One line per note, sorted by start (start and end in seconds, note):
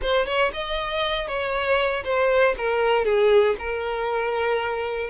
0.02 0.26 C5
0.26 0.51 C#5
0.53 1.27 D#5
1.27 2.03 C#5
2.04 2.55 C5
2.57 3.04 A#4
3.04 3.55 G#4
3.58 5.09 A#4